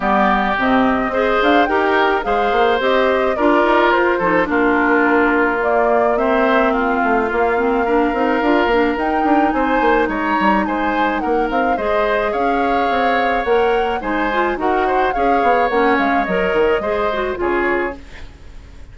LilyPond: <<
  \new Staff \with { instrumentName = "flute" } { \time 4/4 \tempo 4 = 107 d''4 dis''4. f''8 g''4 | f''4 dis''4 d''4 c''4 | ais'2 d''4 e''4 | f''1 |
g''4 gis''4 ais''4 gis''4 | fis''8 f''8 dis''4 f''2 | fis''4 gis''4 fis''4 f''4 | fis''8 f''8 dis''2 cis''4 | }
  \new Staff \with { instrumentName = "oboe" } { \time 4/4 g'2 c''4 ais'4 | c''2 ais'4. a'8 | f'2. c''4 | f'2 ais'2~ |
ais'4 c''4 cis''4 c''4 | ais'4 c''4 cis''2~ | cis''4 c''4 ais'8 c''8 cis''4~ | cis''2 c''4 gis'4 | }
  \new Staff \with { instrumentName = "clarinet" } { \time 4/4 b4 c'4 gis'4 g'4 | gis'4 g'4 f'4. dis'8 | d'2 ais4 c'4~ | c'4 ais8 c'8 d'8 dis'8 f'8 d'8 |
dis'1~ | dis'4 gis'2. | ais'4 dis'8 f'8 fis'4 gis'4 | cis'4 ais'4 gis'8 fis'8 f'4 | }
  \new Staff \with { instrumentName = "bassoon" } { \time 4/4 g4 c4 c'8 d'8 dis'4 | gis8 ais8 c'4 d'8 dis'8 f'8 f8 | ais1~ | ais8 a8 ais4. c'8 d'8 ais8 |
dis'8 d'8 c'8 ais8 gis8 g8 gis4 | ais8 c'8 gis4 cis'4 c'4 | ais4 gis4 dis'4 cis'8 b8 | ais8 gis8 fis8 dis8 gis4 cis4 | }
>>